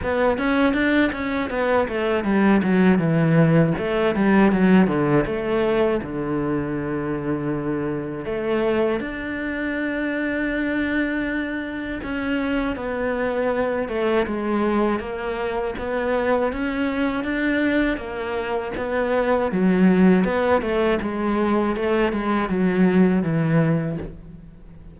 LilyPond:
\new Staff \with { instrumentName = "cello" } { \time 4/4 \tempo 4 = 80 b8 cis'8 d'8 cis'8 b8 a8 g8 fis8 | e4 a8 g8 fis8 d8 a4 | d2. a4 | d'1 |
cis'4 b4. a8 gis4 | ais4 b4 cis'4 d'4 | ais4 b4 fis4 b8 a8 | gis4 a8 gis8 fis4 e4 | }